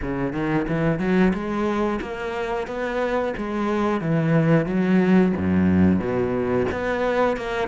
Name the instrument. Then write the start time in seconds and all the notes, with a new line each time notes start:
cello
0.02 C#3
0.32 D#3
0.68 E3
0.99 F#3
1.33 G#3
2.01 A#3
2.67 B3
3.37 G#3
4.00 E3
4.65 F#3
5.37 F#2
5.99 B2
6.71 B3
7.37 A#3